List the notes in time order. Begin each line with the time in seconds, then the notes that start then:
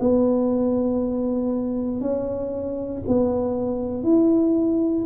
0.00 B3
2.01 C#4
3.07 B3
4.04 E4